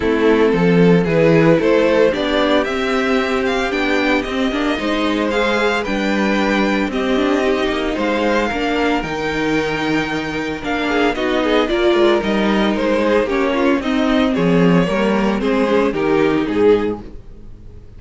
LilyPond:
<<
  \new Staff \with { instrumentName = "violin" } { \time 4/4 \tempo 4 = 113 a'2 b'4 c''4 | d''4 e''4. f''8 g''4 | dis''2 f''4 g''4~ | g''4 dis''2 f''4~ |
f''4 g''2. | f''4 dis''4 d''4 dis''4 | c''4 cis''4 dis''4 cis''4~ | cis''4 c''4 ais'4 gis'4 | }
  \new Staff \with { instrumentName = "violin" } { \time 4/4 e'4 a'4 gis'4 a'4 | g'1~ | g'4 c''2 b'4~ | b'4 g'2 c''4 |
ais'1~ | ais'8 gis'8 fis'8 gis'8 ais'2~ | ais'8 gis'8 g'8 f'8 dis'4 gis'4 | ais'4 gis'4 g'4 gis'4 | }
  \new Staff \with { instrumentName = "viola" } { \time 4/4 c'2 e'2 | d'4 c'2 d'4 | c'8 d'8 dis'4 gis'4 d'4~ | d'4 c'8 d'8 dis'2 |
d'4 dis'2. | d'4 dis'4 f'4 dis'4~ | dis'4 cis'4 c'2 | ais4 c'8 cis'8 dis'2 | }
  \new Staff \with { instrumentName = "cello" } { \time 4/4 a4 f4 e4 a4 | b4 c'2 b4 | c'8 ais8 gis2 g4~ | g4 c'4. ais8 gis4 |
ais4 dis2. | ais4 b4 ais8 gis8 g4 | gis4 ais4 c'4 f4 | g4 gis4 dis4 gis,4 | }
>>